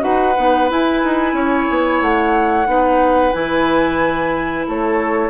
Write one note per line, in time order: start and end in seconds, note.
0.00 0.37 D#4
0.00 0.33 F#4
0.00 1.35 B4
0.00 0.69 F#5
0.37 0.70 B3
0.37 0.69 D#4
0.69 2.66 E4
0.69 1.03 E4
0.69 2.02 G#5
1.04 1.33 D#4
1.33 1.66 C#4
1.33 2.67 C#5
1.69 2.01 B3
2.01 2.66 A3
2.01 3.33 F#5
2.66 3.32 B3
2.66 3.32 D#4
2.66 4.67 B4
3.33 4.66 E3
3.33 5.30 E4
3.33 4.65 G#5
4.67 5.30 A3
4.67 5.30 A4
4.67 5.30 C#5